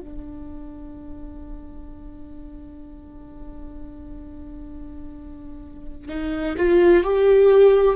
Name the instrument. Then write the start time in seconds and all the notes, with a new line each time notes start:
viola
0.00 D4
6.08 D#4
6.57 F4
7.03 G4